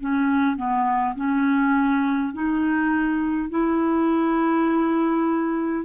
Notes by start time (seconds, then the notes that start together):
0.00 C#4
0.57 B3
1.16 C#4
2.33 D#4
3.50 E4